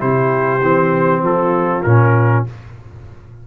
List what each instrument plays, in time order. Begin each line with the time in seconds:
0.00 tuba C3, trombone E4, horn G4, trumpet C5
0.62 tuba E3, trombone C4
1.22 tuba F3, horn F4, trumpet A4
1.83 tuba A#2, trombone C#4, trumpet A#4